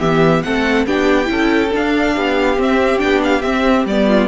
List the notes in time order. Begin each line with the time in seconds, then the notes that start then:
0.00 E3 B3 G4 E5
0.43 A3 C4 A4 F#5
0.87 B3 D4 G4 G5
1.25 C#4 E4
1.32 A4
1.72 D4 F5
2.15 B3 G4
2.58 C4 E5
2.99 B3 D4 G5
3.24 F5
3.42 C4 E5
3.85 G3 B3 D5
4.07 F4